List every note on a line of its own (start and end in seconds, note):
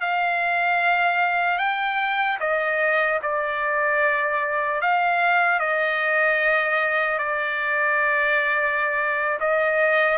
0.00 1.58 F5
1.58 2.38 G5
2.40 3.20 D#5
3.22 4.81 D5
4.81 5.59 F5
5.59 7.18 D#5
7.18 9.38 D5
9.40 10.17 D#5